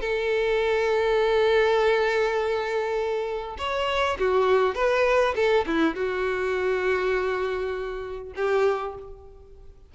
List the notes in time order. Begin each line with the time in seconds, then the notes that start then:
0.00 A4
3.58 C#5
4.18 F#4
4.74 B4
5.35 A4
5.66 E4
5.95 F#4
8.35 G4